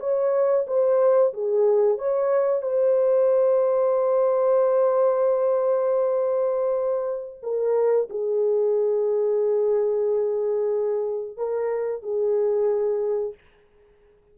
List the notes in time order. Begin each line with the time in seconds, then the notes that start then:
0.00 C#5
0.67 C5
1.33 G#4
1.98 C#5
2.62 C5
7.42 A#4
8.10 G#4
11.37 A#4
12.02 G#4